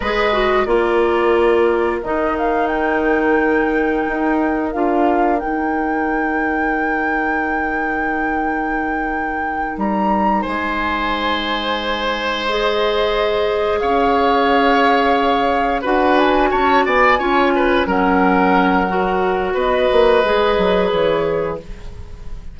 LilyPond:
<<
  \new Staff \with { instrumentName = "flute" } { \time 4/4 \tempo 4 = 89 dis''4 d''2 dis''8 f''8 | g''2. f''4 | g''1~ | g''2~ g''8 ais''4 gis''8~ |
gis''2~ gis''8 dis''4.~ | dis''8 f''2. fis''8 | gis''8 a''8 gis''4. fis''4.~ | fis''4 dis''2 cis''4 | }
  \new Staff \with { instrumentName = "oboe" } { \time 4/4 b'4 ais'2.~ | ais'1~ | ais'1~ | ais'2.~ ais'8 c''8~ |
c''1~ | c''8 cis''2. b'8~ | b'8 cis''8 d''8 cis''8 b'8 ais'4.~ | ais'4 b'2. | }
  \new Staff \with { instrumentName = "clarinet" } { \time 4/4 gis'8 fis'8 f'2 dis'4~ | dis'2. f'4 | dis'1~ | dis'1~ |
dis'2~ dis'8 gis'4.~ | gis'2.~ gis'8 fis'8~ | fis'4. f'4 cis'4. | fis'2 gis'2 | }
  \new Staff \with { instrumentName = "bassoon" } { \time 4/4 gis4 ais2 dis4~ | dis2 dis'4 d'4 | dis'1~ | dis'2~ dis'8 g4 gis8~ |
gis1~ | gis8 cis'2. d'8~ | d'8 cis'8 b8 cis'4 fis4.~ | fis4 b8 ais8 gis8 fis8 e4 | }
>>